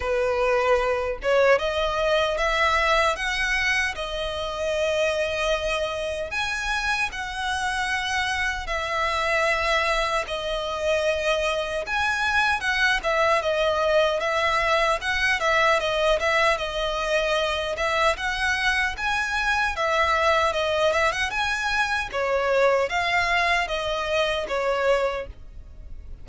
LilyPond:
\new Staff \with { instrumentName = "violin" } { \time 4/4 \tempo 4 = 76 b'4. cis''8 dis''4 e''4 | fis''4 dis''2. | gis''4 fis''2 e''4~ | e''4 dis''2 gis''4 |
fis''8 e''8 dis''4 e''4 fis''8 e''8 | dis''8 e''8 dis''4. e''8 fis''4 | gis''4 e''4 dis''8 e''16 fis''16 gis''4 | cis''4 f''4 dis''4 cis''4 | }